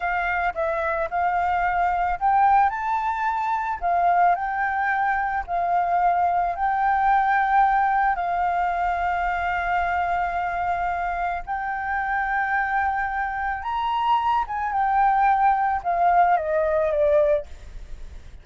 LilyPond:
\new Staff \with { instrumentName = "flute" } { \time 4/4 \tempo 4 = 110 f''4 e''4 f''2 | g''4 a''2 f''4 | g''2 f''2 | g''2. f''4~ |
f''1~ | f''4 g''2.~ | g''4 ais''4. gis''8 g''4~ | g''4 f''4 dis''4 d''4 | }